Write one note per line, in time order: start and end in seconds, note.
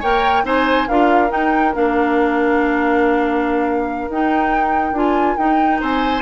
0.00 0.44 A#3
0.00 0.44 A#4
0.00 0.43 C#5
0.00 0.45 G5
0.44 0.87 C4
0.44 0.86 D#4
0.44 0.88 C5
0.44 0.88 G#5
0.88 1.31 D4
0.88 1.28 F4
0.88 5.80 A#4
0.88 1.31 F5
1.28 1.71 D#4
1.28 1.74 D#4
1.28 1.74 G5
1.74 4.09 A#3
1.74 4.10 D4
1.74 4.10 F5
4.09 4.92 D#4
4.09 4.94 D#4
4.09 4.97 G5
4.92 5.35 D4
4.92 5.37 F4
4.92 5.36 G#5
5.36 5.80 D#4
5.36 6.21 D#4
5.36 5.79 G5
5.80 6.21 C4
5.80 6.21 C5
5.80 6.21 G#5